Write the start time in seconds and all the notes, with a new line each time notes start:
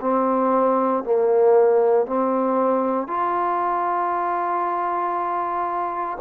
0.00 C4
1.03 A#3
2.05 C4
3.07 F4